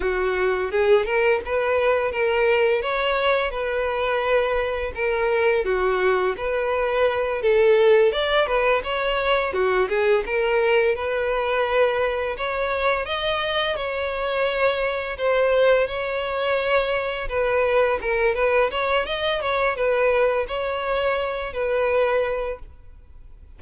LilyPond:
\new Staff \with { instrumentName = "violin" } { \time 4/4 \tempo 4 = 85 fis'4 gis'8 ais'8 b'4 ais'4 | cis''4 b'2 ais'4 | fis'4 b'4. a'4 d''8 | b'8 cis''4 fis'8 gis'8 ais'4 b'8~ |
b'4. cis''4 dis''4 cis''8~ | cis''4. c''4 cis''4.~ | cis''8 b'4 ais'8 b'8 cis''8 dis''8 cis''8 | b'4 cis''4. b'4. | }